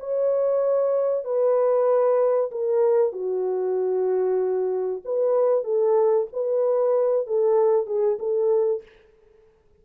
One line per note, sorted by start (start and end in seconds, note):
0.00 1.25 C#5
1.25 2.51 B4
2.52 3.13 A#4
3.13 5.02 F#4
5.05 5.64 B4
5.64 6.28 A4
6.33 7.27 B4
7.27 7.87 A4
7.87 8.18 G#4
8.20 8.83 A4